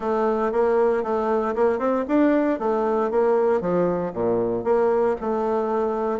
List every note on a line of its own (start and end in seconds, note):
0.00 0.51 A3
0.52 1.03 A#3
1.03 1.54 A3
1.55 1.78 A#3
1.78 2.04 C4
2.08 2.59 D4
2.59 3.10 A3
3.10 3.60 A#3
3.60 4.12 F3
4.13 4.64 A#2
4.64 5.16 A#3
5.21 6.19 A3